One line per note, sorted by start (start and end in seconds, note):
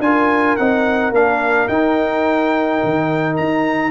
0.00 0.56 D4
0.00 0.59 F4
0.00 3.92 A#4
0.00 0.57 G#5
0.57 1.11 C4
0.57 1.14 D#4
0.57 1.13 F#5
1.11 1.67 A#3
1.11 1.70 D4
1.11 1.68 F5
1.68 2.81 D#4
1.68 3.92 D#4
1.68 3.37 G5
2.84 3.39 D#3
3.37 3.92 D#4
3.37 3.92 A#5